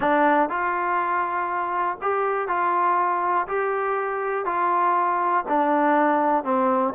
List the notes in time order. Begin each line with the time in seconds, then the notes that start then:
0.00 D4
0.49 F4
2.01 G4
2.48 F4
3.47 G4
4.45 F4
5.48 D4
6.44 C4